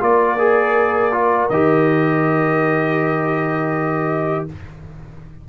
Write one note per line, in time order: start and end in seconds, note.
0.00 1.49 A#3
0.00 0.37 F4
0.00 4.45 A#4
0.00 1.49 D5
0.38 1.12 G#4
1.12 1.49 F4
1.49 4.46 D#3
1.49 4.48 G4
1.49 4.46 D#5